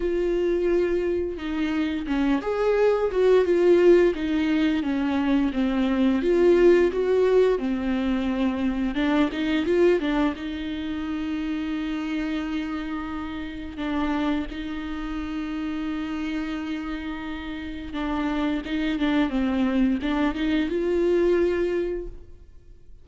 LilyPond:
\new Staff \with { instrumentName = "viola" } { \time 4/4 \tempo 4 = 87 f'2 dis'4 cis'8 gis'8~ | gis'8 fis'8 f'4 dis'4 cis'4 | c'4 f'4 fis'4 c'4~ | c'4 d'8 dis'8 f'8 d'8 dis'4~ |
dis'1 | d'4 dis'2.~ | dis'2 d'4 dis'8 d'8 | c'4 d'8 dis'8 f'2 | }